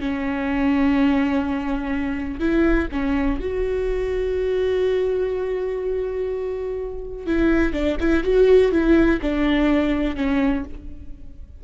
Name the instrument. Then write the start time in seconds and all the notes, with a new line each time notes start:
viola
0.00 C#4
2.40 E4
2.92 C#4
3.40 F#4
7.27 E4
7.73 D4
8.00 E4
8.24 F#4
8.72 E4
9.22 D4
10.16 C#4